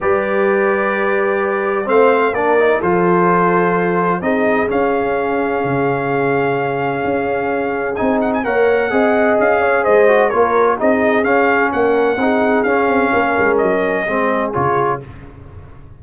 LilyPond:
<<
  \new Staff \with { instrumentName = "trumpet" } { \time 4/4 \tempo 4 = 128 d''1 | f''4 d''4 c''2~ | c''4 dis''4 f''2~ | f''1~ |
f''4 gis''8 fis''16 gis''16 fis''2 | f''4 dis''4 cis''4 dis''4 | f''4 fis''2 f''4~ | f''4 dis''2 cis''4 | }
  \new Staff \with { instrumentName = "horn" } { \time 4/4 b'1 | c''4 ais'4 a'2~ | a'4 gis'2.~ | gis'1~ |
gis'2 cis''4 dis''4~ | dis''8 cis''8 c''4 ais'4 gis'4~ | gis'4 ais'4 gis'2 | ais'2 gis'2 | }
  \new Staff \with { instrumentName = "trombone" } { \time 4/4 g'1 | c'4 d'8 dis'8 f'2~ | f'4 dis'4 cis'2~ | cis'1~ |
cis'4 dis'4 ais'4 gis'4~ | gis'4. fis'8 f'4 dis'4 | cis'2 dis'4 cis'4~ | cis'2 c'4 f'4 | }
  \new Staff \with { instrumentName = "tuba" } { \time 4/4 g1 | a4 ais4 f2~ | f4 c'4 cis'2 | cis2. cis'4~ |
cis'4 c'4 ais4 c'4 | cis'4 gis4 ais4 c'4 | cis'4 ais4 c'4 cis'8 c'8 | ais8 gis8 fis4 gis4 cis4 | }
>>